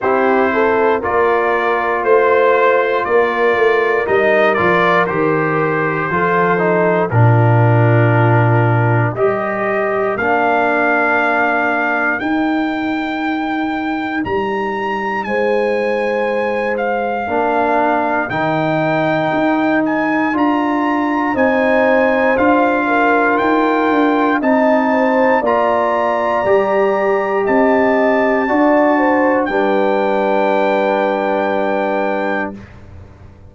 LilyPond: <<
  \new Staff \with { instrumentName = "trumpet" } { \time 4/4 \tempo 4 = 59 c''4 d''4 c''4 d''4 | dis''8 d''8 c''2 ais'4~ | ais'4 dis''4 f''2 | g''2 ais''4 gis''4~ |
gis''8 f''4. g''4. gis''8 | ais''4 gis''4 f''4 g''4 | a''4 ais''2 a''4~ | a''4 g''2. | }
  \new Staff \with { instrumentName = "horn" } { \time 4/4 g'8 a'8 ais'4 c''4 ais'4~ | ais'2 a'4 f'4~ | f'4 ais'2.~ | ais'2. c''4~ |
c''4 ais'2.~ | ais'4 c''4. ais'4. | dis''8 c''8 d''2 dis''4 | d''8 c''8 b'2. | }
  \new Staff \with { instrumentName = "trombone" } { \time 4/4 e'4 f'2. | dis'8 f'8 g'4 f'8 dis'8 d'4~ | d'4 g'4 d'2 | dis'1~ |
dis'4 d'4 dis'2 | f'4 dis'4 f'2 | dis'4 f'4 g'2 | fis'4 d'2. | }
  \new Staff \with { instrumentName = "tuba" } { \time 4/4 c'4 ais4 a4 ais8 a8 | g8 f8 dis4 f4 ais,4~ | ais,4 g4 ais2 | dis'2 g4 gis4~ |
gis4 ais4 dis4 dis'4 | d'4 c'4 d'4 dis'8 d'8 | c'4 ais4 g4 c'4 | d'4 g2. | }
>>